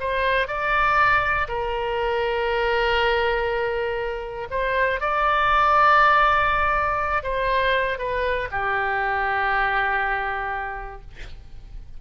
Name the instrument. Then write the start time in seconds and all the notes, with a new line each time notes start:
oboe
0.00 C5
0.47 D5
1.48 A#4
4.50 C5
5.00 D5
7.23 C5
7.98 B4
8.51 G4